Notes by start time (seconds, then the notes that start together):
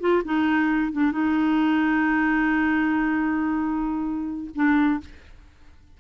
0.00 F4
0.25 D#4
0.92 D4
1.12 D#4
4.55 D4